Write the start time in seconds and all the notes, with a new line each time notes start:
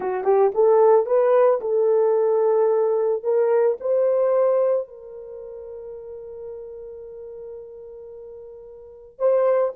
0.00 F#4
0.24 G4
0.54 A4
1.05 B4
1.60 A4
3.23 A#4
3.80 C5
4.87 A#4
9.18 C5